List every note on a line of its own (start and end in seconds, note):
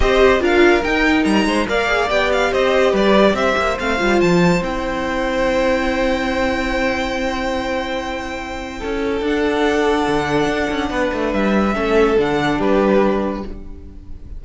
0.00 0.40 C4
0.00 0.39 G4
0.00 0.41 C5
0.00 0.42 D#5
0.39 0.82 D4
0.39 0.81 F4
0.39 1.46 A#4
0.39 0.83 F5
0.83 1.68 D#4
0.83 1.25 D#4
0.83 1.24 G5
1.24 1.45 G3
1.24 1.66 A#5
1.45 1.66 G#3
1.45 1.67 C5
1.68 2.10 A#3
1.68 1.87 A#4
1.68 2.51 D5
1.68 2.10 F5
1.87 2.08 G#4
2.08 2.52 B3
2.08 3.76 G4
2.08 2.31 G5
2.32 2.53 F5
2.51 2.92 C4
2.51 2.91 C5
2.51 2.95 D#5
2.91 3.33 G3
2.91 3.33 B4
2.91 3.35 D5
3.33 3.54 C4
3.33 8.78 C5
3.33 3.77 E5
3.57 3.78 A#3
3.79 4.00 A3
3.79 3.98 C4
3.79 4.21 F5
3.98 4.21 G3
3.98 4.61 F4
4.21 4.61 F3
4.21 4.62 A5
4.61 8.81 C4
4.61 9.22 E4
4.61 9.25 G5
8.78 9.21 C#4
8.78 10.88 A4
9.21 10.05 D4
9.21 11.74 D4
9.21 11.33 F#5
10.07 10.45 D3
10.45 10.66 D4
10.69 10.90 C#4
10.90 11.10 B3
10.90 11.74 B4
11.13 11.33 A3
11.33 11.75 G3
11.33 12.17 E5
11.74 12.17 A3
11.74 12.15 C#4
11.74 12.57 A4
12.17 12.59 D3
12.17 13.43 D4
12.17 12.60 F#5
12.57 13.43 G3
12.57 13.40 G4
12.57 13.44 B4